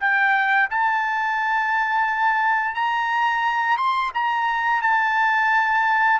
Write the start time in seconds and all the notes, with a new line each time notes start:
0.00 G5
0.70 A5
2.74 A#5
3.77 C6
4.14 A#5
4.82 A5